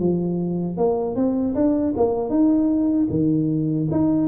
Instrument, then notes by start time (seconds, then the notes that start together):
tuba
0.00 F3
0.78 A#3
1.16 C4
1.55 D4
1.97 A#3
2.30 D#4
3.10 D#3
3.91 D#4